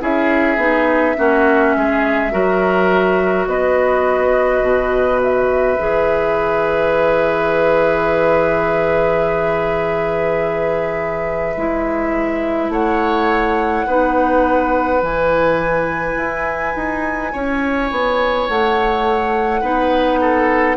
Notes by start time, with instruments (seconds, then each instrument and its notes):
0.00 bassoon C#4, clarinet E4, oboe G#4, flute E5
0.57 bassoon B3, clarinet D#4
1.18 bassoon A#3, clarinet C#4, oboe F#4
1.77 bassoon G#3, oboe G#4
2.31 bassoon F#3, clarinet F#4, oboe A#4
3.47 bassoon B3, oboe B4, flute D#5
4.62 bassoon B2
5.23 flute E5
5.79 bassoon E3, clarinet G#4
11.57 bassoon G#3, clarinet E4
12.69 bassoon A3, oboe C#5, flute F#5
13.87 bassoon B3, clarinet D#4, oboe B4
15.01 bassoon E3, clarinet E4, flute G#5
16.17 bassoon E4
16.75 bassoon D#4
17.33 bassoon C#4, oboe C#5
17.91 bassoon B3
18.49 bassoon A3, flute F#5
19.61 bassoon B3, clarinet D#4, oboe B4
20.21 oboe A4